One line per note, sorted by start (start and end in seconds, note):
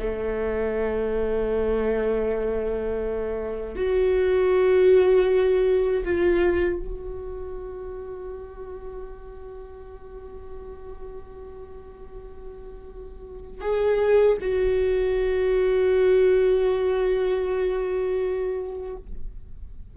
0.00 3.76 A3
3.76 6.04 F#4
6.05 6.80 F4
6.80 13.62 F#4
13.62 14.38 G#4
14.41 18.97 F#4